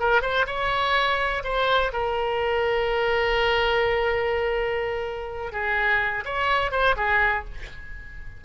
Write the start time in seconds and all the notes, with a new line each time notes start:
0.00 A#4
0.22 C5
0.47 C#5
1.44 C5
1.93 A#4
5.52 G#4
6.25 C#5
6.72 C5
6.97 G#4